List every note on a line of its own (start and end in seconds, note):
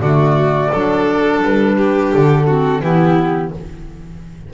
0.00 0.70 D3
0.00 0.73 A3
0.00 0.71 F#4
0.00 1.41 D5
0.71 1.43 F#3
0.71 2.48 D4
0.71 1.76 A4
1.43 2.12 G3
1.43 2.13 B4
1.77 2.47 G4
2.13 2.81 D3
2.13 2.82 A4
2.47 2.81 C4
2.47 2.81 F#4
2.81 3.51 E3
2.81 3.51 B3
2.81 3.53 E4
2.81 3.52 G4